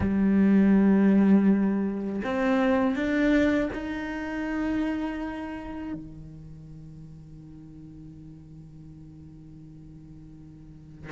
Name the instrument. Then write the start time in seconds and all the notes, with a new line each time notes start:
cello
0.00 G3
2.24 C4
2.95 D4
3.73 D#4
5.93 D#3